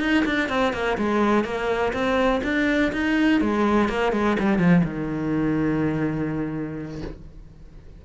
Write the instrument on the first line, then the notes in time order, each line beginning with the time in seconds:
cello
0.00 D#4
0.25 D4
0.49 C4
0.73 A#3
0.98 G#3
1.44 A#3
1.93 C4
2.44 D4
2.92 D#4
3.41 G#3
3.89 A#3
4.12 G#3
4.39 G3
4.58 F3
4.84 D#3